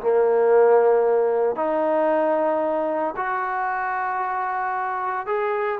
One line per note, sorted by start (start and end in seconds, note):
0.00 1.55 A#3
1.55 3.14 D#4
3.16 5.26 F#4
5.26 5.79 G#4